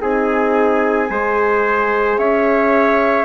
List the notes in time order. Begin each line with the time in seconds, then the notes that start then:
0.00 C4 D#4 G#4 G#5
1.10 G#3 G#4 C5
2.17 C#4 C#5 E5